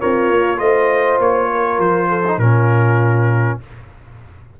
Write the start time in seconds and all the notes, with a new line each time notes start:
0.00 C4 F4 A#4 C#5
0.29 A#3
0.57 A3 F4 C5 D#5
1.19 A#3 C#5
1.51 A#4
1.78 F3 C5
2.09 A4
2.27 D#4
2.37 A#2 C#4 F4 A#4